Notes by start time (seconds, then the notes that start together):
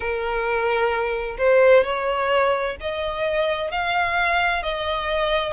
0.00 A#4
1.38 C5
1.84 C#5
2.80 D#5
3.71 F5
4.62 D#5